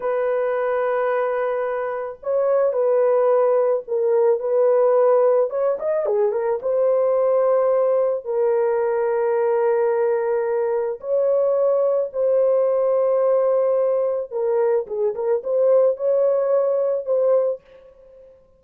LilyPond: \new Staff \with { instrumentName = "horn" } { \time 4/4 \tempo 4 = 109 b'1 | cis''4 b'2 ais'4 | b'2 cis''8 dis''8 gis'8 ais'8 | c''2. ais'4~ |
ais'1 | cis''2 c''2~ | c''2 ais'4 gis'8 ais'8 | c''4 cis''2 c''4 | }